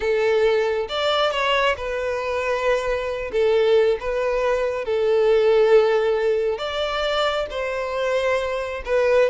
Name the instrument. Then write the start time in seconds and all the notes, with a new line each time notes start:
violin
0.00 A4
0.88 D5
1.31 C#5
1.76 B4
3.31 A4
3.99 B4
4.84 A4
6.58 D5
7.50 C5
8.85 B4